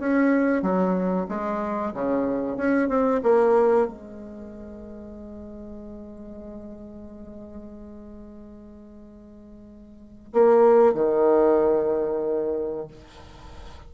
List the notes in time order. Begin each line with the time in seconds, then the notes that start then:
0.00 C#4
0.62 F#3
1.29 G#3
1.94 C#3
2.57 C#4
2.89 C4
3.23 A#3
3.88 G#3
10.34 A#3
10.95 D#3